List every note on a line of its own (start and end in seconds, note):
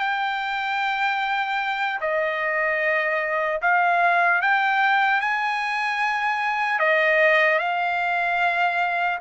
0.00 2.00 G5
2.01 3.61 D#5
3.62 4.42 F5
4.42 5.21 G5
5.21 6.80 G#5
6.80 7.59 D#5
7.59 9.19 F5